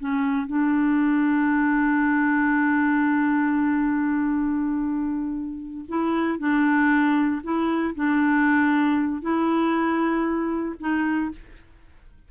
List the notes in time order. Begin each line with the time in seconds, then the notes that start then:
0.00 C#4
0.47 D4
5.89 E4
6.39 D4
7.44 E4
7.96 D4
9.22 E4
10.80 D#4